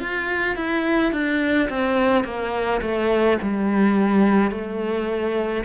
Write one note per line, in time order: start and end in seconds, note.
0.00 0.56 F4
0.56 1.13 E4
1.13 1.69 D4
1.70 2.24 C4
2.24 2.81 A#3
2.82 3.39 A3
3.42 4.51 G3
4.51 5.64 A3